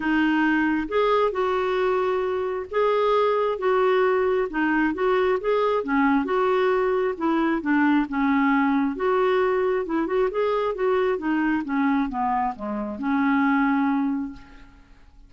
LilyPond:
\new Staff \with { instrumentName = "clarinet" } { \time 4/4 \tempo 4 = 134 dis'2 gis'4 fis'4~ | fis'2 gis'2 | fis'2 dis'4 fis'4 | gis'4 cis'4 fis'2 |
e'4 d'4 cis'2 | fis'2 e'8 fis'8 gis'4 | fis'4 dis'4 cis'4 b4 | gis4 cis'2. | }